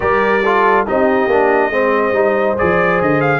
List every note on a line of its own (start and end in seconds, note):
0.00 0.86 G3
0.00 0.40 G4
0.00 0.42 A#4
0.00 0.86 D5
0.42 0.86 F4
0.42 0.85 A4
0.86 1.27 C4
0.86 1.29 D#4
0.86 1.71 G4
0.86 2.58 D#5
1.27 1.69 A#3
1.27 1.71 D4
1.69 2.12 G#3
1.69 2.13 C4
1.69 3.39 C5
2.12 2.55 G3
2.12 2.56 D#4
2.58 3.01 F3
2.58 3.39 G#4
2.58 3.01 D5
3.01 3.39 D3
3.01 3.21 D#5
3.21 3.39 F5